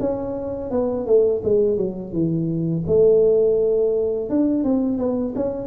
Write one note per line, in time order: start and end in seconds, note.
0.00 0.71 C#4
0.71 1.06 B3
1.06 1.42 A3
1.44 1.77 G#3
1.77 2.13 F#3
2.13 2.84 E3
2.87 4.30 A3
4.30 4.64 D4
4.64 4.98 C4
4.98 5.34 B3
5.36 5.67 C#4